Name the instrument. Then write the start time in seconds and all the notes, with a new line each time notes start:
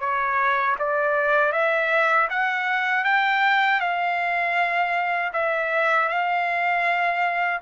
trumpet
0.00 C#5
0.79 D5
1.53 E5
2.30 F#5
3.04 G5
3.81 F5
5.33 E5
6.09 F5